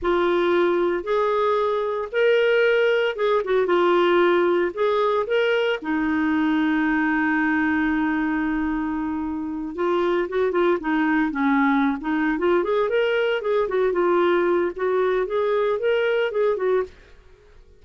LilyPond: \new Staff \with { instrumentName = "clarinet" } { \time 4/4 \tempo 4 = 114 f'2 gis'2 | ais'2 gis'8 fis'8 f'4~ | f'4 gis'4 ais'4 dis'4~ | dis'1~ |
dis'2~ dis'8 f'4 fis'8 | f'8 dis'4 cis'4~ cis'16 dis'8. f'8 | gis'8 ais'4 gis'8 fis'8 f'4. | fis'4 gis'4 ais'4 gis'8 fis'8 | }